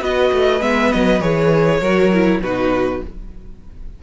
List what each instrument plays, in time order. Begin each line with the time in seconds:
0.00 cello B3, viola F#4, violin B4 D#5
0.32 cello A3
0.61 cello G#3, viola B3, violin E5
0.92 cello F#3, violin D#5
1.21 cello E3, viola G#4, violin C#5
1.81 cello F#3, viola F#4, violin A#4
2.13 viola E4
2.40 cello B2, viola D#4, violin F#4 B4